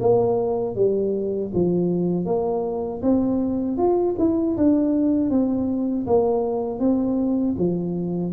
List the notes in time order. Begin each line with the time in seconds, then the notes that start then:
0.00 A#3
0.75 G3
1.54 F3
2.25 A#3
3.02 C4
3.77 F4
4.19 E4
4.57 D4
5.30 C4
6.07 A#3
6.79 C4
7.58 F3